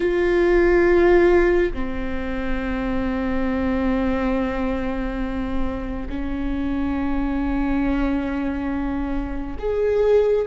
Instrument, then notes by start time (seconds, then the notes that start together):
viola
0.00 F4
1.73 C4
6.09 C#4
9.59 G#4